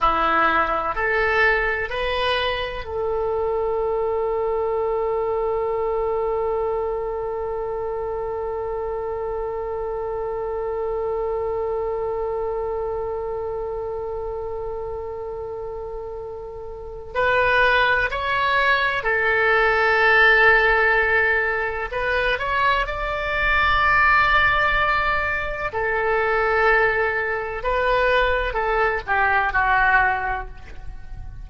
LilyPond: \new Staff \with { instrumentName = "oboe" } { \time 4/4 \tempo 4 = 63 e'4 a'4 b'4 a'4~ | a'1~ | a'1~ | a'1~ |
a'2 b'4 cis''4 | a'2. b'8 cis''8 | d''2. a'4~ | a'4 b'4 a'8 g'8 fis'4 | }